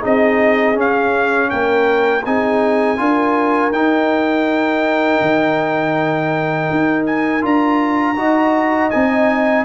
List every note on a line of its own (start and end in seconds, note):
0.00 0.76 C4
0.00 0.74 D#4
0.00 1.48 G#4
0.00 0.79 D#5
0.74 2.22 C#4
0.74 1.50 C#4
0.74 1.50 F5
1.50 2.25 A#3
1.50 2.25 A#4
1.50 2.24 G5
2.25 2.99 C4
2.25 2.97 D#4
2.25 2.99 G#4
2.25 3.72 G#5
2.97 3.71 D4
2.97 3.71 F4
2.97 8.17 A#4
3.71 5.19 D#4
3.71 7.41 D#4
3.71 7.06 G5
5.21 6.69 D#3
6.70 7.43 D#4
7.06 7.43 G#5
7.41 8.17 D4
7.41 8.15 F4
7.41 8.90 A#5
8.16 8.91 D#4
8.16 8.90 F#4
8.16 9.65 D#5
8.90 9.65 C4
8.90 9.65 D#4
8.90 9.65 G#5